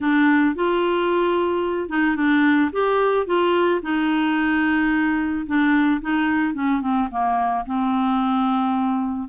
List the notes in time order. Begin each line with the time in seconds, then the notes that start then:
0.00 D4
0.55 F4
1.89 D#4
2.16 D4
2.72 G4
3.26 F4
3.82 D#4
5.46 D4
6.01 D#4
6.54 C#4
6.81 C4
7.11 A#3
7.66 C4